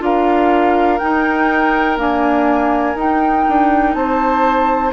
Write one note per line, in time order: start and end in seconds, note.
0.00 1.00 D4
0.00 0.98 F4
0.00 3.97 A#4
0.00 0.99 F5
0.99 1.97 D#4
0.99 1.99 D#4
0.99 1.97 G5
1.97 2.95 A#3
1.97 2.96 D4
1.97 2.99 G#5
2.96 3.45 D#4
2.96 4.94 D#4
2.96 3.94 G5
3.49 3.95 D4
3.94 4.93 C4
3.94 4.94 C5
3.94 4.92 A5